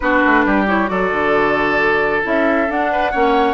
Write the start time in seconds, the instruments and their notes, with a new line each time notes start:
0.00 bassoon B3, clarinet D4, oboe F#4, flute B4
0.25 bassoon A3
0.45 bassoon G3, oboe G4
0.67 clarinet E4, flute C#5
0.86 bassoon F#3, clarinet F#4, oboe A4, flute D5
1.11 bassoon D3
2.23 bassoon C#4, clarinet E4, flute E5
2.69 bassoon D4, clarinet D4, flute F#5
2.92 oboe B4
3.11 bassoon A#3, clarinet C#4, oboe C#5